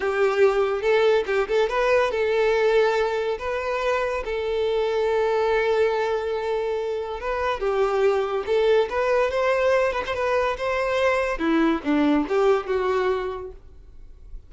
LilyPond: \new Staff \with { instrumentName = "violin" } { \time 4/4 \tempo 4 = 142 g'2 a'4 g'8 a'8 | b'4 a'2. | b'2 a'2~ | a'1~ |
a'4 b'4 g'2 | a'4 b'4 c''4. b'16 c''16 | b'4 c''2 e'4 | d'4 g'4 fis'2 | }